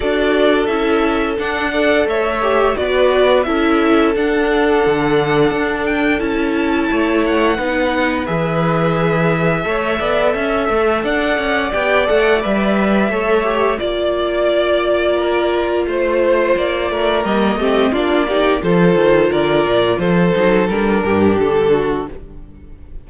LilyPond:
<<
  \new Staff \with { instrumentName = "violin" } { \time 4/4 \tempo 4 = 87 d''4 e''4 fis''4 e''4 | d''4 e''4 fis''2~ | fis''8 g''8 a''4. fis''4. | e''1 |
fis''4 g''8 fis''8 e''2 | d''2. c''4 | d''4 dis''4 d''4 c''4 | d''4 c''4 ais'4 a'4 | }
  \new Staff \with { instrumentName = "violin" } { \time 4/4 a'2~ a'8 d''8 cis''4 | b'4 a'2.~ | a'2 cis''4 b'4~ | b'2 cis''8 d''8 e''4 |
d''2. cis''4 | d''2 ais'4 c''4~ | c''8 ais'4 g'8 f'8 g'8 a'4 | ais'4 a'4. g'4 fis'8 | }
  \new Staff \with { instrumentName = "viola" } { \time 4/4 fis'4 e'4 d'8 a'4 g'8 | fis'4 e'4 d'2~ | d'4 e'2 dis'4 | gis'2 a'2~ |
a'4 g'8 a'8 b'4 a'8 g'8 | f'1~ | f'4 ais8 c'8 d'8 dis'8 f'4~ | f'4. dis'8 d'2 | }
  \new Staff \with { instrumentName = "cello" } { \time 4/4 d'4 cis'4 d'4 a4 | b4 cis'4 d'4 d4 | d'4 cis'4 a4 b4 | e2 a8 b8 cis'8 a8 |
d'8 cis'8 b8 a8 g4 a4 | ais2. a4 | ais8 a8 g8 a8 ais4 f8 dis8 | d8 ais,8 f8 fis8 g8 g,8 d4 | }
>>